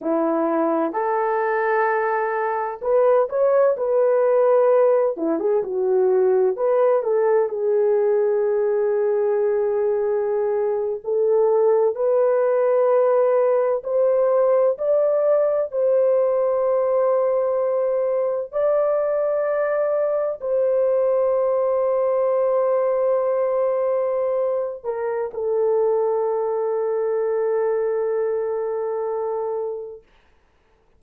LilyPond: \new Staff \with { instrumentName = "horn" } { \time 4/4 \tempo 4 = 64 e'4 a'2 b'8 cis''8 | b'4. e'16 gis'16 fis'4 b'8 a'8 | gis'2.~ gis'8. a'16~ | a'8. b'2 c''4 d''16~ |
d''8. c''2. d''16~ | d''4.~ d''16 c''2~ c''16~ | c''2~ c''8 ais'8 a'4~ | a'1 | }